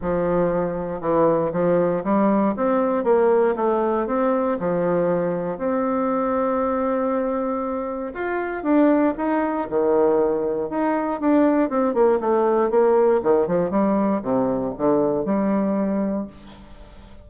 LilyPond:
\new Staff \with { instrumentName = "bassoon" } { \time 4/4 \tempo 4 = 118 f2 e4 f4 | g4 c'4 ais4 a4 | c'4 f2 c'4~ | c'1 |
f'4 d'4 dis'4 dis4~ | dis4 dis'4 d'4 c'8 ais8 | a4 ais4 dis8 f8 g4 | c4 d4 g2 | }